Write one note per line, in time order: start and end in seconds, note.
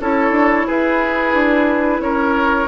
0.00 0.31 C#4
0.00 2.69 E4
0.00 0.67 A4
0.00 0.68 C#5
0.31 0.65 D4
0.67 1.34 E4
0.67 2.02 G#4
0.67 2.02 B4
1.34 2.00 D4
2.00 2.68 C#4
2.00 2.69 A#4
2.00 2.69 C#5